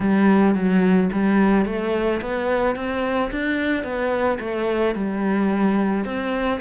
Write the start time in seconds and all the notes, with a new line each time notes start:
0.00 G3
0.55 F#3
1.12 G3
1.65 A3
2.21 B3
2.75 C4
3.31 D4
3.83 B3
4.39 A3
4.94 G3
6.04 C4